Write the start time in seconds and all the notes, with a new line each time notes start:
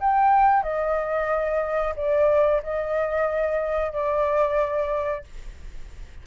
0.00 G5
0.63 D#5
1.96 D5
2.63 D#5
3.93 D5